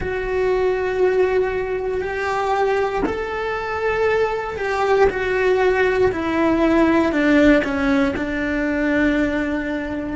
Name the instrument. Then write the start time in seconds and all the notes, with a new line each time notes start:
cello
0.00 F#4
2.01 G4
3.05 A4
4.57 G4
5.09 F#4
6.12 E4
7.11 D4
7.64 C#4
8.16 D4